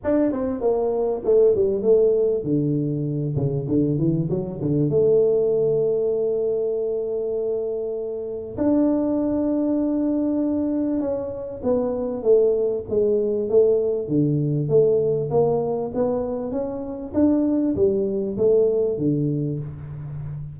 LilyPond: \new Staff \with { instrumentName = "tuba" } { \time 4/4 \tempo 4 = 98 d'8 c'8 ais4 a8 g8 a4 | d4. cis8 d8 e8 fis8 d8 | a1~ | a2 d'2~ |
d'2 cis'4 b4 | a4 gis4 a4 d4 | a4 ais4 b4 cis'4 | d'4 g4 a4 d4 | }